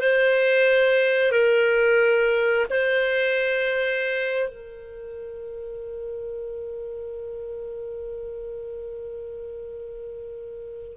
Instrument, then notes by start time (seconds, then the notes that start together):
clarinet
0.00 C5
1.31 A#4
2.70 C5
4.49 A#4